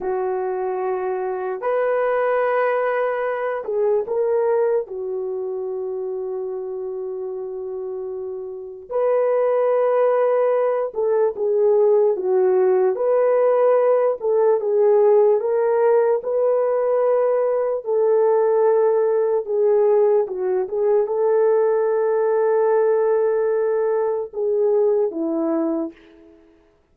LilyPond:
\new Staff \with { instrumentName = "horn" } { \time 4/4 \tempo 4 = 74 fis'2 b'2~ | b'8 gis'8 ais'4 fis'2~ | fis'2. b'4~ | b'4. a'8 gis'4 fis'4 |
b'4. a'8 gis'4 ais'4 | b'2 a'2 | gis'4 fis'8 gis'8 a'2~ | a'2 gis'4 e'4 | }